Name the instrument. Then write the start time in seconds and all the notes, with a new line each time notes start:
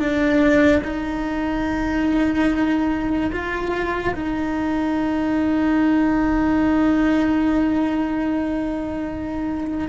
cello
0.00 D4
0.84 D#4
3.32 F4
4.15 D#4